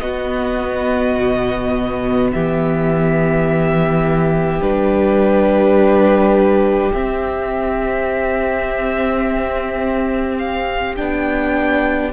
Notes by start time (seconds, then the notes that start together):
0.00 B3 F#4 D#5
1.17 B2
2.32 E3 G4 E5
4.61 G3 D4 B4
6.93 C4 E5
10.38 F5
10.97 B3 D4 G5